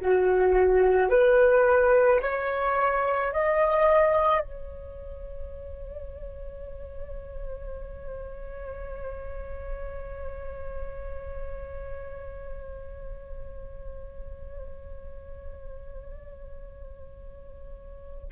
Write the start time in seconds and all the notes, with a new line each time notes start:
0.00 F#4
1.10 B4
2.22 C#5
3.33 D#5
4.41 C#5